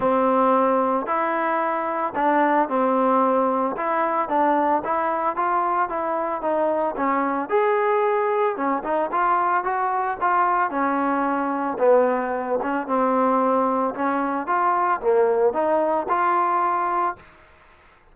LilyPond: \new Staff \with { instrumentName = "trombone" } { \time 4/4 \tempo 4 = 112 c'2 e'2 | d'4 c'2 e'4 | d'4 e'4 f'4 e'4 | dis'4 cis'4 gis'2 |
cis'8 dis'8 f'4 fis'4 f'4 | cis'2 b4. cis'8 | c'2 cis'4 f'4 | ais4 dis'4 f'2 | }